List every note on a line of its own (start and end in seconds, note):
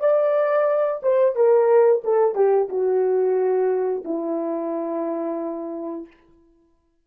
0.00 1.01 D5
1.03 1.35 C5
1.35 2.03 A#4
2.04 2.35 A4
2.35 2.69 G4
2.69 4.04 F#4
4.05 6.07 E4